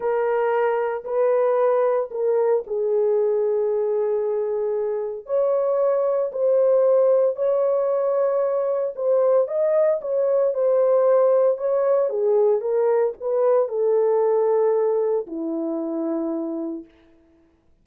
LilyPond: \new Staff \with { instrumentName = "horn" } { \time 4/4 \tempo 4 = 114 ais'2 b'2 | ais'4 gis'2.~ | gis'2 cis''2 | c''2 cis''2~ |
cis''4 c''4 dis''4 cis''4 | c''2 cis''4 gis'4 | ais'4 b'4 a'2~ | a'4 e'2. | }